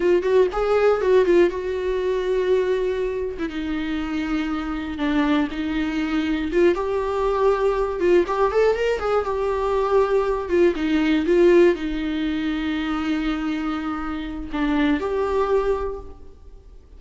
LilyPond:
\new Staff \with { instrumentName = "viola" } { \time 4/4 \tempo 4 = 120 f'8 fis'8 gis'4 fis'8 f'8 fis'4~ | fis'2~ fis'8. e'16 dis'4~ | dis'2 d'4 dis'4~ | dis'4 f'8 g'2~ g'8 |
f'8 g'8 a'8 ais'8 gis'8 g'4.~ | g'4 f'8 dis'4 f'4 dis'8~ | dis'1~ | dis'4 d'4 g'2 | }